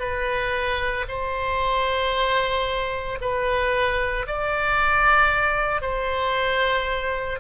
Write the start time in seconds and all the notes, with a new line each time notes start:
0.00 B4
1.08 C5
3.21 B4
4.27 D5
5.81 C5